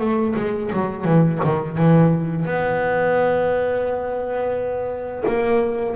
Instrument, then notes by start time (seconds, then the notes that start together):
double bass
0.00 A3
0.36 G#3
0.73 F#3
1.05 E3
1.44 D#3
1.78 E3
2.45 B3
5.28 A#3